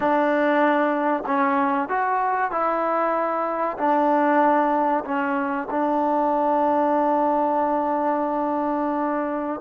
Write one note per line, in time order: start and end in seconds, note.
0.00 1.23 D4
1.26 1.89 C#4
1.89 2.51 F#4
2.51 3.77 E4
3.77 5.04 D4
5.04 5.68 C#4
5.70 9.60 D4